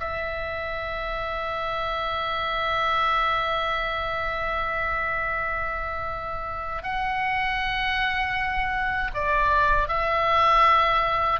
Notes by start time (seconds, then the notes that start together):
0.00 E5
6.83 F#5
9.14 D5
9.88 E5